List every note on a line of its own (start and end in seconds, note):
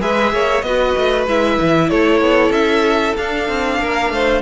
0.00 0.33 G#3
0.00 0.63 G#4
0.00 0.33 B4
0.00 0.62 E5
0.33 0.63 A#3
0.33 0.65 C#5
0.62 0.94 B3
0.62 1.29 F#4
0.62 1.90 B4
0.62 1.25 D#5
0.98 1.27 A3
1.27 1.59 G#3
1.27 3.17 E4
1.27 1.90 E5
1.61 1.92 E3
1.90 2.21 A3
1.90 3.80 A4
1.90 2.52 C#5
2.21 2.50 B3
2.50 3.13 C#4
2.50 3.15 E5
3.17 4.42 D4
3.17 3.48 D4
3.17 4.42 F5
3.48 3.79 C4
3.79 4.10 A#3
3.79 4.13 A#4
4.10 4.42 A3
4.10 4.42 C5